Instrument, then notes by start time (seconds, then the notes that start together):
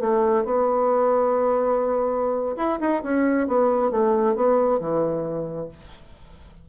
bassoon
0.00 A3
0.44 B3
2.57 E4
2.80 D#4
3.03 C#4
3.47 B3
3.91 A3
4.35 B3
4.80 E3